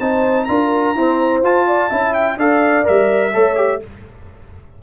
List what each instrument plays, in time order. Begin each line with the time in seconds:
0.00 tuba C4, trombone D#4, horn C5, trumpet A5
0.45 tuba D4, trombone F4, horn A#4, trumpet A#5
0.95 trombone C4, tuba E4, horn C5
1.43 tuba F4, trombone F4, trumpet A5
1.67 horn D5
1.90 tuba C#4, trombone E4, horn E5
2.14 trumpet G5
2.37 tuba D4, trombone A4, horn D5, trumpet F5
2.84 tuba G3, trombone A#4, trumpet E5
3.34 tuba A3, trombone A4, horn C#5
3.56 trombone G4